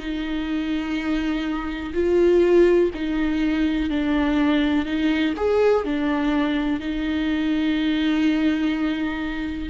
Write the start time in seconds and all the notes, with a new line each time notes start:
0.00 D#4
1.94 F4
2.95 D#4
3.90 D4
4.86 D#4
5.37 G#4
5.85 D4
6.80 D#4